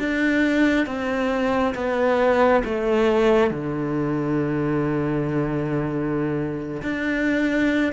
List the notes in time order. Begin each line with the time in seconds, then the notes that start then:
0.00 D4
0.86 C4
1.75 B3
2.65 A3
3.51 D3
6.83 D4